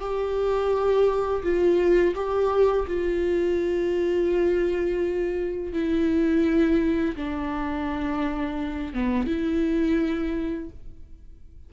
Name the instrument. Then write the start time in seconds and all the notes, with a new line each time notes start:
viola
0.00 G4
1.43 F4
2.15 G4
2.87 F4
5.73 E4
7.16 D4
8.94 B3
9.27 E4